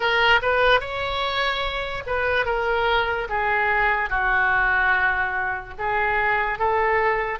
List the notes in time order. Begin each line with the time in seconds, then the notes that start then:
0.00 A#4
0.42 B4
0.80 C#5
2.06 B4
2.45 A#4
3.29 G#4
4.09 F#4
5.78 G#4
6.58 A4